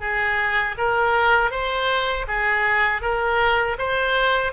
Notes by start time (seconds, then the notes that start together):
0.00 G#4
0.78 A#4
1.51 C5
2.28 G#4
3.02 A#4
3.78 C5